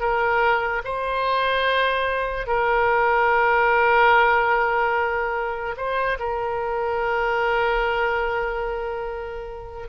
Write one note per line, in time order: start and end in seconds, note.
0.00 0.82 A#4
0.84 2.47 C5
2.47 5.76 A#4
5.77 6.18 C5
6.19 9.89 A#4